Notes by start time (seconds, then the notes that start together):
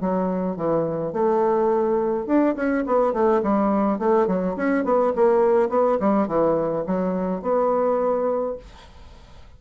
0.00 F#3
0.56 E3
1.12 A3
2.26 D4
2.55 C#4
2.86 B3
3.13 A3
3.43 G3
3.98 A3
4.27 F#3
4.56 C#4
4.84 B3
5.15 A#3
5.69 B3
5.99 G3
6.27 E3
6.86 F#3
7.42 B3